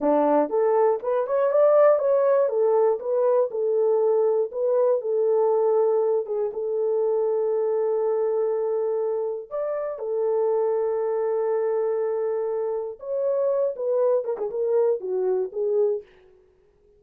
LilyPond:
\new Staff \with { instrumentName = "horn" } { \time 4/4 \tempo 4 = 120 d'4 a'4 b'8 cis''8 d''4 | cis''4 a'4 b'4 a'4~ | a'4 b'4 a'2~ | a'8 gis'8 a'2.~ |
a'2. d''4 | a'1~ | a'2 cis''4. b'8~ | b'8 ais'16 gis'16 ais'4 fis'4 gis'4 | }